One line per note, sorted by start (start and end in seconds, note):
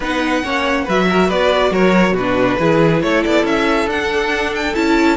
0.00 0.42 B3
0.00 0.43 D#4
0.00 0.43 B4
0.00 0.88 F#5
0.43 0.87 A#3
0.43 0.86 C#4
0.43 0.84 C#5
0.84 1.30 F#3
0.84 2.19 F#4
0.84 1.06 B4
0.84 1.29 E5
1.09 1.27 A#4
1.27 1.70 B3
1.27 1.70 B4
1.27 1.72 D5
1.70 2.12 F#3
1.70 2.13 A#4
1.70 2.16 C#5
2.12 2.55 B2
2.12 2.56 F#4
2.12 3.02 B4
2.19 2.60 D4
2.59 3.02 E3
2.59 3.89 E4
2.59 3.02 G#4
3.02 3.24 A3
3.02 5.17 A4
3.02 3.23 C#5
3.24 3.43 B3
3.24 3.45 D5
3.43 3.86 C#4
3.43 3.89 E5
3.86 4.72 D4
3.86 4.74 D4
3.86 4.54 F#5
4.54 4.74 G5
4.74 5.17 C#4
4.74 5.17 E4
4.74 5.17 A5